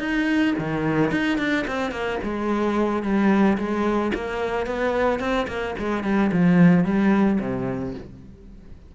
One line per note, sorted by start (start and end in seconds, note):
0.00 0.55 D#4
0.59 1.12 D#3
1.12 1.38 D#4
1.38 1.65 D4
1.68 1.92 C4
1.92 2.19 A#3
2.23 3.03 G#3
3.03 3.58 G3
3.58 4.12 G#3
4.15 4.67 A#3
4.67 5.20 B3
5.20 5.47 C4
5.48 5.75 A#3
5.79 6.04 G#3
6.04 6.31 G3
6.32 6.85 F3
6.85 7.39 G3
7.40 7.95 C3